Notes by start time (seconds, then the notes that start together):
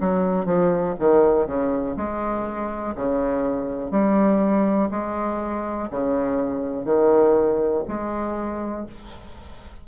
0.00 F#3
0.45 F3
0.99 D#3
1.46 C#3
1.96 G#3
2.95 C#3
3.91 G3
4.90 G#3
5.91 C#3
6.85 D#3
7.88 G#3